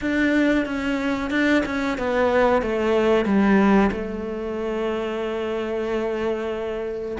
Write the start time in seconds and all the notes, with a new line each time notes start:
0.01 D4
0.65 C#4
1.30 D4
1.65 C#4
1.97 B3
2.61 A3
3.25 G3
3.91 A3